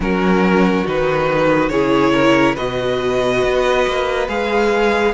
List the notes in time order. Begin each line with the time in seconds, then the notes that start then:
0.00 F#3 C#4 F#4 A#4
0.85 D#3 D#4 B4
1.69 C#3 E4 G#4 C#5
2.12 A#4
2.55 B2 F#4 B4 D#5
3.43 B3
3.87 A#3
4.27 G#3 G#4 F5